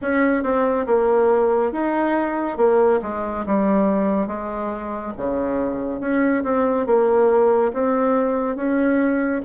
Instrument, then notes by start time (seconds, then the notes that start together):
bassoon
0.01 C#4
0.43 C4
0.86 A#3
1.72 D#4
2.57 A#3
3.02 G#3
3.46 G3
4.27 G#3
5.17 C#3
6.00 C#4
6.43 C4
6.86 A#3
7.73 C4
8.56 C#4